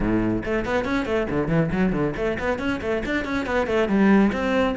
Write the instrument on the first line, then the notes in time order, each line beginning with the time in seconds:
cello
0.00 A2
0.44 A3
0.65 B3
0.84 C#4
1.05 A3
1.29 D3
1.48 E3
1.71 F#3
1.92 D3
2.16 A3
2.39 B3
2.58 C#4
2.81 A3
3.05 D4
3.24 C#4
3.46 B3
3.66 A3
3.88 G3
4.32 C4